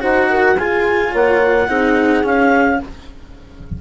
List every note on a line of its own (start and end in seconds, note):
0.00 0.55 D#4
0.00 0.56 F#4
0.00 0.30 C5
0.00 0.58 F#5
0.30 0.57 A#4
0.55 1.11 F4
0.55 1.68 F4
0.55 1.11 G#4
0.55 1.14 G#5
1.11 1.68 A#3
1.11 1.67 C#5
1.11 2.25 F#5
1.68 2.24 C4
1.68 2.23 D#4
1.68 2.79 G#4
2.23 2.79 C#4
2.23 2.81 C#4
2.23 2.81 F5